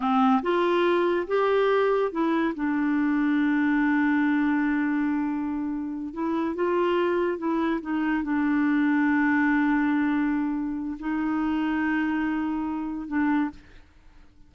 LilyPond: \new Staff \with { instrumentName = "clarinet" } { \time 4/4 \tempo 4 = 142 c'4 f'2 g'4~ | g'4 e'4 d'2~ | d'1~ | d'2~ d'8 e'4 f'8~ |
f'4. e'4 dis'4 d'8~ | d'1~ | d'2 dis'2~ | dis'2. d'4 | }